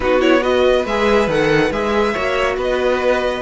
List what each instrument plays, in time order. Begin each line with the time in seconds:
0.00 cello B3, viola D#4, violin F#4 B4
0.20 viola E4, violin C#5
0.40 viola F#4, violin B4 D#5
0.85 cello G#3, viola G#4, violin E5
1.27 cello D#3, viola A4, violin F#5
1.71 cello G#3, viola G#4, violin E5
2.13 cello A#3, viola F#4, violin C#5
2.56 cello B3, violin B4 D#5